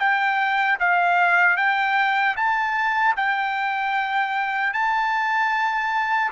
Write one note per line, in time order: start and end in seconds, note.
0.00 0.79 G5
0.80 1.57 F5
1.57 2.36 G5
2.37 3.16 A5
3.17 4.74 G5
4.74 6.32 A5